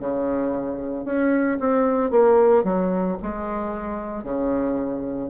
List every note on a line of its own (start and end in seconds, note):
0.00 1.05 C#3
1.05 1.59 C#4
1.60 2.11 C4
2.11 2.64 A#3
2.64 3.17 F#3
3.22 4.24 G#3
4.24 5.30 C#3